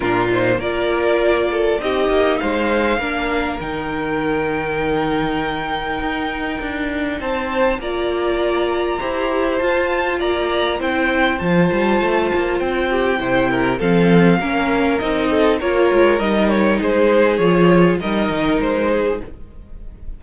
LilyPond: <<
  \new Staff \with { instrumentName = "violin" } { \time 4/4 \tempo 4 = 100 ais'8 c''8 d''2 dis''4 | f''2 g''2~ | g''1 | a''4 ais''2. |
a''4 ais''4 g''4 a''4~ | a''4 g''2 f''4~ | f''4 dis''4 cis''4 dis''8 cis''8 | c''4 cis''4 dis''4 c''4 | }
  \new Staff \with { instrumentName = "violin" } { \time 4/4 f'4 ais'4. a'8 g'4 | c''4 ais'2.~ | ais'1 | c''4 d''2 c''4~ |
c''4 d''4 c''2~ | c''4. g'8 c''8 ais'8 a'4 | ais'4. a'8 ais'2 | gis'2 ais'4. gis'8 | }
  \new Staff \with { instrumentName = "viola" } { \time 4/4 d'8 dis'8 f'2 dis'4~ | dis'4 d'4 dis'2~ | dis'1~ | dis'4 f'2 g'4 |
f'2 e'4 f'4~ | f'2 e'4 c'4 | cis'4 dis'4 f'4 dis'4~ | dis'4 f'4 dis'2 | }
  \new Staff \with { instrumentName = "cello" } { \time 4/4 ais,4 ais2 c'8 ais8 | gis4 ais4 dis2~ | dis2 dis'4 d'4 | c'4 ais2 e'4 |
f'4 ais4 c'4 f8 g8 | a8 ais8 c'4 c4 f4 | ais4 c'4 ais8 gis8 g4 | gis4 f4 g8 dis8 gis4 | }
>>